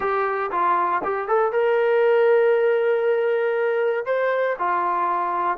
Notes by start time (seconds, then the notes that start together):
0.00 G4
0.51 F4
1.04 G4
1.27 A4
1.52 A#4
4.05 C5
4.58 F4